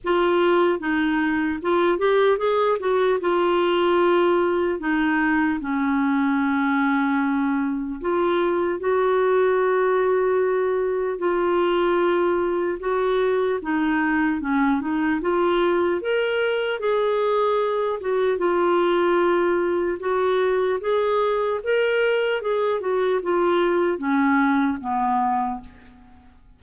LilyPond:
\new Staff \with { instrumentName = "clarinet" } { \time 4/4 \tempo 4 = 75 f'4 dis'4 f'8 g'8 gis'8 fis'8 | f'2 dis'4 cis'4~ | cis'2 f'4 fis'4~ | fis'2 f'2 |
fis'4 dis'4 cis'8 dis'8 f'4 | ais'4 gis'4. fis'8 f'4~ | f'4 fis'4 gis'4 ais'4 | gis'8 fis'8 f'4 cis'4 b4 | }